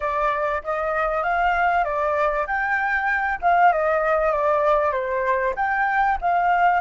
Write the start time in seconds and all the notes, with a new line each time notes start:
0.00 D5
0.63 D#5
1.23 F5
1.84 D5
2.46 G5
3.41 F5
3.72 D#5
4.32 D5
4.92 C5
5.56 G5
6.21 F5